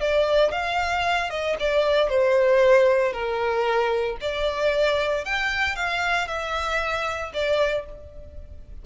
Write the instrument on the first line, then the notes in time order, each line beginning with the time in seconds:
violin
0.00 D5
0.51 F5
1.29 D#5
1.59 D5
2.09 C5
3.12 A#4
4.20 D5
5.24 G5
5.75 F5
6.27 E5
7.33 D5